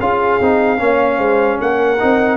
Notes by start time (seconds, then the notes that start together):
0.00 C#4 F4 G#4 F5
0.41 C4 D#4
0.78 A#3 C#4 C#5
1.18 G#3 C5
1.61 A#3 A#4 F#5
2.00 C4 D#4